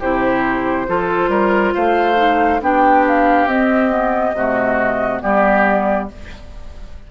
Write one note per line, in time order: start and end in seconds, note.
0.00 0.88 C3
0.00 0.87 E4
0.00 0.87 G4
0.00 1.75 C5
0.87 1.29 F3
0.87 2.16 F4
0.87 1.30 A4
1.29 1.72 G3
1.29 1.74 A#4
1.74 2.61 A3
1.74 2.61 C5
1.74 2.62 F5
2.16 2.59 D#4
2.61 3.46 B3
2.61 3.49 D4
2.61 4.36 G4
2.61 3.06 G5
3.07 3.48 F5
3.46 4.33 C4
3.46 3.90 C4
3.46 5.22 D#5
3.90 4.34 B3
4.34 5.21 C3
4.34 5.21 A3
4.34 5.23 F#4
5.21 6.11 G3
5.21 6.08 B3
5.21 6.10 G4
5.21 6.09 D5